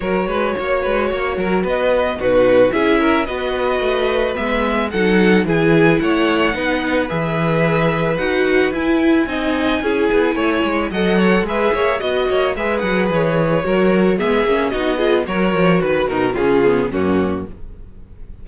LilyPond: <<
  \new Staff \with { instrumentName = "violin" } { \time 4/4 \tempo 4 = 110 cis''2. dis''4 | b'4 e''4 dis''2 | e''4 fis''4 gis''4 fis''4~ | fis''4 e''2 fis''4 |
gis''1 | fis''4 e''4 dis''4 e''8 fis''8 | cis''2 e''4 dis''4 | cis''4 b'8 ais'8 gis'4 fis'4 | }
  \new Staff \with { instrumentName = "violin" } { \time 4/4 ais'8 b'8 cis''8 b'8 cis''8 ais'8 b'4 | fis'4 gis'8 ais'8 b'2~ | b'4 a'4 gis'4 cis''4 | b'1~ |
b'4 dis''4 gis'4 cis''4 | dis''8 cis''8 b'8 cis''8 dis''8 cis''8 b'4~ | b'4 ais'4 gis'4 fis'8 gis'8 | ais'4 b'8 dis'8 f'4 cis'4 | }
  \new Staff \with { instrumentName = "viola" } { \time 4/4 fis'1 | dis'4 e'4 fis'2 | b4 dis'4 e'2 | dis'4 gis'2 fis'4 |
e'4 dis'4 e'2 | a'4 gis'4 fis'4 gis'4~ | gis'4 fis'4 b8 cis'8 dis'8 f'8 | fis'2 cis'8 b8 ais4 | }
  \new Staff \with { instrumentName = "cello" } { \time 4/4 fis8 gis8 ais8 gis8 ais8 fis8 b4 | b,4 cis'4 b4 a4 | gis4 fis4 e4 a4 | b4 e2 dis'4 |
e'4 c'4 cis'8 b8 a8 gis8 | fis4 gis8 ais8 b8 ais8 gis8 fis8 | e4 fis4 gis8 ais8 b4 | fis8 f8 dis8 b,8 cis4 fis,4 | }
>>